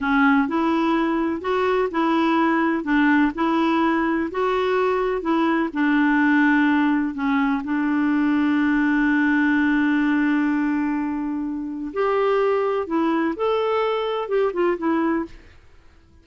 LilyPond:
\new Staff \with { instrumentName = "clarinet" } { \time 4/4 \tempo 4 = 126 cis'4 e'2 fis'4 | e'2 d'4 e'4~ | e'4 fis'2 e'4 | d'2. cis'4 |
d'1~ | d'1~ | d'4 g'2 e'4 | a'2 g'8 f'8 e'4 | }